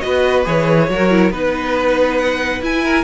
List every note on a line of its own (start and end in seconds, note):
0.00 0.46 B3
0.00 0.44 F#4
0.00 0.90 B4
0.00 0.43 D#5
0.45 0.89 E3
0.45 0.88 G#4
0.45 1.31 C#5
0.89 1.30 F#3
0.89 1.10 F#4
0.89 1.32 A#4
1.10 1.32 E4
1.30 2.60 B3
1.30 2.61 D#4
1.30 2.17 B4
1.30 2.83 B4
2.18 2.61 F#5
2.61 3.03 E4
2.61 3.03 G#5
2.83 3.03 A#4